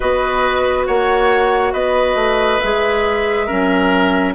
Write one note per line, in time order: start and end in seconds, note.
0.00 0.88 B3
0.00 2.59 F#4
0.00 0.87 B4
0.00 0.84 D#5
0.86 1.73 A#3
0.86 1.73 C#5
0.86 1.73 F#5
1.73 2.15 B3
1.73 3.46 B4
1.73 2.60 D#5
2.15 2.58 A3
2.60 3.50 G#3
2.60 3.48 G#4
2.60 4.34 E5
3.46 4.34 F#3
3.46 4.34 C#4
3.46 4.33 A#4